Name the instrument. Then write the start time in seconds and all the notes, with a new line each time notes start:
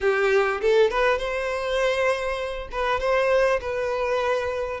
violin
0.00 G4
0.61 A4
0.90 B4
1.18 C5
2.71 B4
3.00 C5
3.61 B4